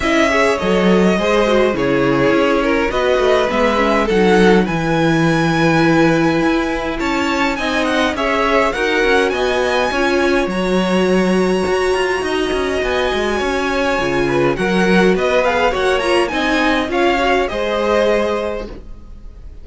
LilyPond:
<<
  \new Staff \with { instrumentName = "violin" } { \time 4/4 \tempo 4 = 103 e''4 dis''2 cis''4~ | cis''4 dis''4 e''4 fis''4 | gis''1 | a''4 gis''8 fis''8 e''4 fis''4 |
gis''2 ais''2~ | ais''2 gis''2~ | gis''4 fis''4 dis''8 f''8 fis''8 ais''8 | gis''4 f''4 dis''2 | }
  \new Staff \with { instrumentName = "violin" } { \time 4/4 dis''8 cis''4. c''4 gis'4~ | gis'8 ais'8 b'2 a'4 | b'1 | cis''4 dis''4 cis''4 ais'4 |
dis''4 cis''2.~ | cis''4 dis''2 cis''4~ | cis''8 b'8 ais'4 b'4 cis''4 | dis''4 cis''4 c''2 | }
  \new Staff \with { instrumentName = "viola" } { \time 4/4 e'8 gis'8 a'4 gis'8 fis'8 e'4~ | e'4 fis'4 b8 cis'8 dis'4 | e'1~ | e'4 dis'4 gis'4 fis'4~ |
fis'4 f'4 fis'2~ | fis'1 | f'4 fis'4. gis'8 fis'8 f'8 | dis'4 f'8 fis'8 gis'2 | }
  \new Staff \with { instrumentName = "cello" } { \time 4/4 cis'4 fis4 gis4 cis4 | cis'4 b8 a8 gis4 fis4 | e2. e'4 | cis'4 c'4 cis'4 dis'8 cis'8 |
b4 cis'4 fis2 | fis'8 f'8 dis'8 cis'8 b8 gis8 cis'4 | cis4 fis4 b4 ais4 | c'4 cis'4 gis2 | }
>>